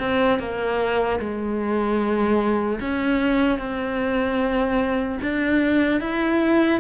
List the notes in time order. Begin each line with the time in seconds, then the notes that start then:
0.00 C4
0.39 A#3
1.20 G#3
2.81 C#4
3.59 C4
5.21 D4
6.01 E4